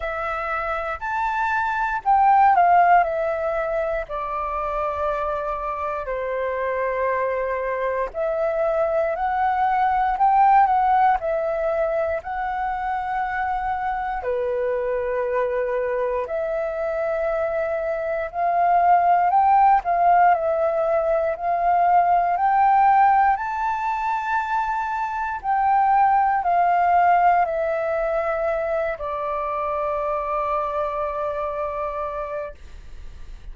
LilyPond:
\new Staff \with { instrumentName = "flute" } { \time 4/4 \tempo 4 = 59 e''4 a''4 g''8 f''8 e''4 | d''2 c''2 | e''4 fis''4 g''8 fis''8 e''4 | fis''2 b'2 |
e''2 f''4 g''8 f''8 | e''4 f''4 g''4 a''4~ | a''4 g''4 f''4 e''4~ | e''8 d''2.~ d''8 | }